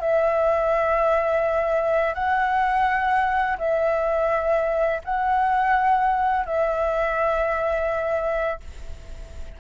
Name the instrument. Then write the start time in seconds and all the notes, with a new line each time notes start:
flute
0.00 E5
2.14 F#5
3.58 E5
5.04 F#5
6.46 E5